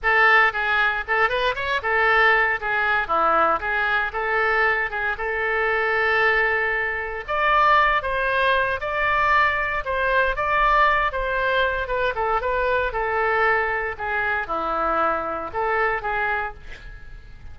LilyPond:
\new Staff \with { instrumentName = "oboe" } { \time 4/4 \tempo 4 = 116 a'4 gis'4 a'8 b'8 cis''8 a'8~ | a'4 gis'4 e'4 gis'4 | a'4. gis'8 a'2~ | a'2 d''4. c''8~ |
c''4 d''2 c''4 | d''4. c''4. b'8 a'8 | b'4 a'2 gis'4 | e'2 a'4 gis'4 | }